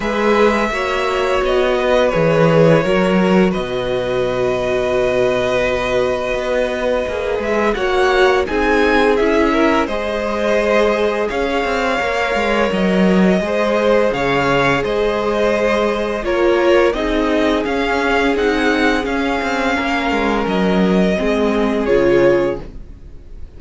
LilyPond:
<<
  \new Staff \with { instrumentName = "violin" } { \time 4/4 \tempo 4 = 85 e''2 dis''4 cis''4~ | cis''4 dis''2.~ | dis''2~ dis''8 e''8 fis''4 | gis''4 e''4 dis''2 |
f''2 dis''2 | f''4 dis''2 cis''4 | dis''4 f''4 fis''4 f''4~ | f''4 dis''2 cis''4 | }
  \new Staff \with { instrumentName = "violin" } { \time 4/4 b'4 cis''4. b'4. | ais'4 b'2.~ | b'2. cis''4 | gis'4. ais'8 c''2 |
cis''2. c''4 | cis''4 c''2 ais'4 | gis'1 | ais'2 gis'2 | }
  \new Staff \with { instrumentName = "viola" } { \time 4/4 gis'4 fis'2 gis'4 | fis'1~ | fis'2 gis'4 fis'4 | dis'4 e'4 gis'2~ |
gis'4 ais'2 gis'4~ | gis'2. f'4 | dis'4 cis'4 dis'4 cis'4~ | cis'2 c'4 f'4 | }
  \new Staff \with { instrumentName = "cello" } { \time 4/4 gis4 ais4 b4 e4 | fis4 b,2.~ | b,4 b4 ais8 gis8 ais4 | c'4 cis'4 gis2 |
cis'8 c'8 ais8 gis8 fis4 gis4 | cis4 gis2 ais4 | c'4 cis'4 c'4 cis'8 c'8 | ais8 gis8 fis4 gis4 cis4 | }
>>